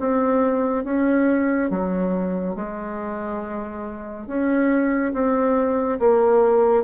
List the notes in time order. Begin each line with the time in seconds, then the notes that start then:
0.00 C4
0.85 C#4
1.70 F#3
2.56 G#3
4.27 C#4
5.14 C4
6.00 A#3